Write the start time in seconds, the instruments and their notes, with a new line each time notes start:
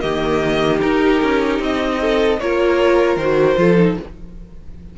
0.00 cello D#3, viola A#3, violin G4 D#5
0.80 viola D#4, cello D#4, violin A#4
1.22 cello C#4
1.60 cello C4, violin D#5
2.01 violin A4
2.40 cello A#3, viola F4, violin A#4 C#5
3.16 cello D#3, viola F#4, violin C5
3.56 cello F3, viola F4, violin A4
3.78 viola D#4